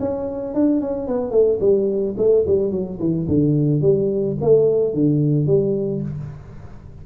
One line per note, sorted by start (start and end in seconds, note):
0.00 0.55 C#4
0.55 0.81 D4
0.81 1.08 C#4
1.08 1.31 B3
1.31 1.59 A3
1.61 2.16 G3
2.18 2.45 A3
2.47 2.72 G3
2.72 2.99 F#3
3.00 3.27 E3
3.28 3.82 D3
3.82 4.37 G3
4.42 4.94 A3
4.94 5.47 D3
5.47 6.02 G3